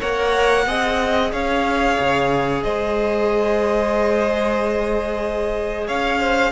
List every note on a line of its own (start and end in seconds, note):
0.00 0.67 A#3
0.00 0.66 A#4
0.00 0.65 C#5
0.00 1.32 F#5
0.67 1.32 C4
0.67 6.52 G#4
0.67 1.33 D#5
1.33 1.98 C#4
1.33 2.63 C#5
1.33 2.63 F5
2.00 2.65 C#3
2.63 5.89 G#3
2.63 5.88 C5
2.63 5.88 D#5
5.88 6.52 C#4
5.88 6.20 C#5
5.88 6.52 F5
6.20 6.52 C5